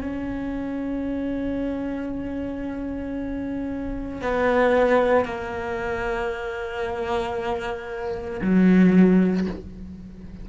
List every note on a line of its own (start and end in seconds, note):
0.00 4.21 C#4
4.21 5.24 B3
5.24 8.40 A#3
8.41 9.46 F#3